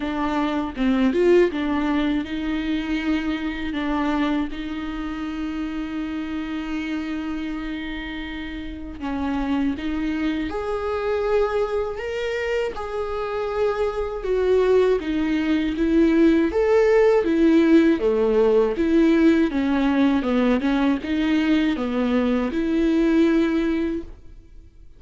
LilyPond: \new Staff \with { instrumentName = "viola" } { \time 4/4 \tempo 4 = 80 d'4 c'8 f'8 d'4 dis'4~ | dis'4 d'4 dis'2~ | dis'1 | cis'4 dis'4 gis'2 |
ais'4 gis'2 fis'4 | dis'4 e'4 a'4 e'4 | a4 e'4 cis'4 b8 cis'8 | dis'4 b4 e'2 | }